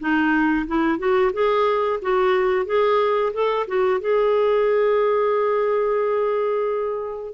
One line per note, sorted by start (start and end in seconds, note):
0.00 0.67 D#4
0.67 0.99 E4
0.99 1.32 F#4
1.33 2.00 G#4
2.02 2.66 F#4
2.66 3.33 G#4
3.34 3.67 A4
3.68 4.01 F#4
4.01 7.34 G#4